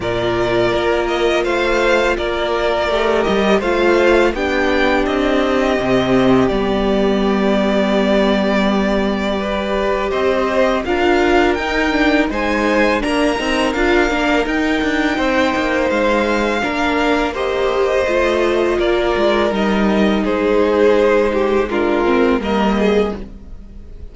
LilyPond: <<
  \new Staff \with { instrumentName = "violin" } { \time 4/4 \tempo 4 = 83 d''4. dis''8 f''4 d''4~ | d''8 dis''8 f''4 g''4 dis''4~ | dis''4 d''2.~ | d''2 dis''4 f''4 |
g''4 gis''4 ais''4 f''4 | g''2 f''2 | dis''2 d''4 dis''4 | c''2 ais'4 dis''4 | }
  \new Staff \with { instrumentName = "violin" } { \time 4/4 ais'2 c''4 ais'4~ | ais'4 c''4 g'2~ | g'1~ | g'4 b'4 c''4 ais'4~ |
ais'4 c''4 ais'2~ | ais'4 c''2 ais'4 | c''2 ais'2 | gis'4. g'8 f'4 ais'8 gis'8 | }
  \new Staff \with { instrumentName = "viola" } { \time 4/4 f'1 | g'4 f'4 d'2 | c'4 b2.~ | b4 g'2 f'4 |
dis'8 d'8 dis'4 d'8 dis'8 f'8 d'8 | dis'2. d'4 | g'4 f'2 dis'4~ | dis'2 d'8 c'8 ais4 | }
  \new Staff \with { instrumentName = "cello" } { \time 4/4 ais,4 ais4 a4 ais4 | a8 g8 a4 b4 c'4 | c4 g2.~ | g2 c'4 d'4 |
dis'4 gis4 ais8 c'8 d'8 ais8 | dis'8 d'8 c'8 ais8 gis4 ais4~ | ais4 a4 ais8 gis8 g4 | gis2. g4 | }
>>